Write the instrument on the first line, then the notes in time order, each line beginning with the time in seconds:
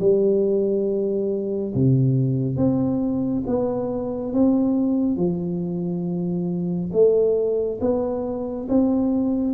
tuba
0.00 G3
1.75 C3
2.57 C4
3.46 B3
4.33 C4
5.17 F3
6.92 A3
7.81 B3
8.68 C4